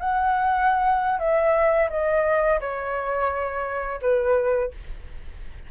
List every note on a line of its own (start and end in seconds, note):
0.00 1.20 F#5
1.20 1.90 E5
1.90 2.60 D#5
2.61 4.00 C#5
4.02 4.72 B4